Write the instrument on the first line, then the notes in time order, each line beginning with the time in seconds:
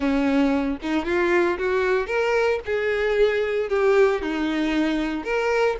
violin
0.00 C#4
0.82 D#4
1.05 F4
1.58 F#4
2.06 A#4
2.65 G#4
3.69 G4
4.22 D#4
5.23 A#4